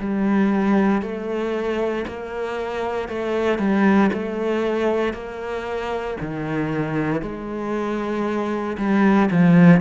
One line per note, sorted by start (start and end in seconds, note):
0.00 1.02 G3
1.02 2.05 A3
2.08 3.09 A#3
3.09 3.59 A3
3.59 4.11 G3
4.13 5.14 A3
5.14 6.17 A#3
6.21 7.22 D#3
7.22 8.77 G#3
8.78 9.30 G3
9.32 9.81 F3